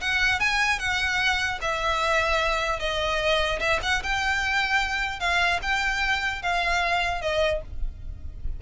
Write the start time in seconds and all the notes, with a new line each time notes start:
0.00 F#5
0.39 G#5
0.79 F#5
1.61 E5
2.79 D#5
3.60 E5
3.82 F#5
4.03 G5
5.20 F5
5.62 G5
6.42 F5
7.21 D#5